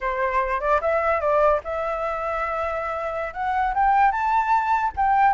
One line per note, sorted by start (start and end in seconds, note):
0.01 0.60 C5
0.60 0.80 D5
0.81 1.20 E5
1.20 1.60 D5
1.63 3.33 E5
3.33 3.74 F#5
3.74 4.11 G5
4.11 4.92 A5
4.96 5.33 G5